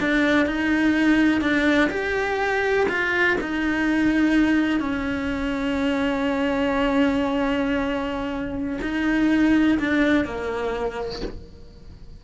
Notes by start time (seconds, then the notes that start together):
0.00 D4
0.46 D#4
1.41 D4
1.90 G4
2.89 F4
3.41 D#4
4.80 C#4
8.82 D#4
9.79 D4
10.25 A#3